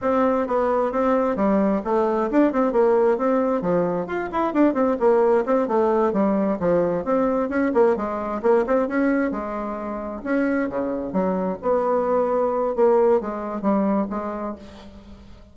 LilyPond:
\new Staff \with { instrumentName = "bassoon" } { \time 4/4 \tempo 4 = 132 c'4 b4 c'4 g4 | a4 d'8 c'8 ais4 c'4 | f4 f'8 e'8 d'8 c'8 ais4 | c'8 a4 g4 f4 c'8~ |
c'8 cis'8 ais8 gis4 ais8 c'8 cis'8~ | cis'8 gis2 cis'4 cis8~ | cis8 fis4 b2~ b8 | ais4 gis4 g4 gis4 | }